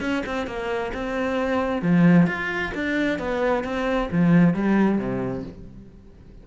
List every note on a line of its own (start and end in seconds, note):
0.00 0.23 C#4
0.26 0.46 C4
0.46 0.91 A#3
0.94 1.81 C4
1.81 2.26 F3
2.26 2.71 F4
2.74 3.18 D4
3.18 3.64 B3
3.64 4.09 C4
4.11 4.54 F3
4.54 4.98 G3
4.98 5.43 C3